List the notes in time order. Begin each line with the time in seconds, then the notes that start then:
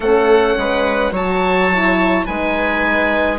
0.00 A3 C#4 A4 F#5
0.57 G#3 B4
1.11 F#3 F#4 C#5 A5
1.72 E4
2.24 G#3 D#4 B4 G#5